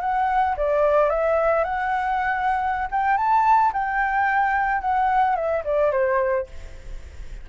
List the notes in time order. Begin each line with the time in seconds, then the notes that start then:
0.00 F#5
0.57 D5
1.10 E5
1.64 F#5
2.91 G5
3.17 A5
3.73 G5
4.81 F#5
5.35 E5
5.64 D5
5.91 C5